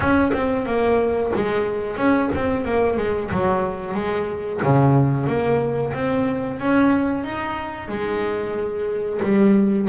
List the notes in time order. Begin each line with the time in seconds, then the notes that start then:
0.00 C#4
0.33 C4
0.66 A#3
1.35 G#3
1.96 C#4
2.34 C4
2.64 A#3
2.97 G#3
3.31 F#3
3.94 G#3
4.62 C#3
5.27 A#3
5.93 C4
6.59 C#4
7.23 D#4
7.88 G#3
9.22 G3